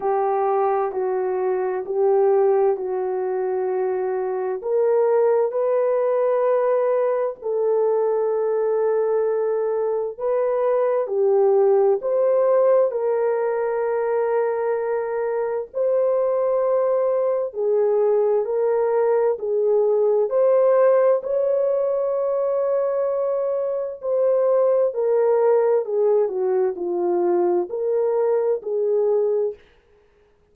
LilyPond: \new Staff \with { instrumentName = "horn" } { \time 4/4 \tempo 4 = 65 g'4 fis'4 g'4 fis'4~ | fis'4 ais'4 b'2 | a'2. b'4 | g'4 c''4 ais'2~ |
ais'4 c''2 gis'4 | ais'4 gis'4 c''4 cis''4~ | cis''2 c''4 ais'4 | gis'8 fis'8 f'4 ais'4 gis'4 | }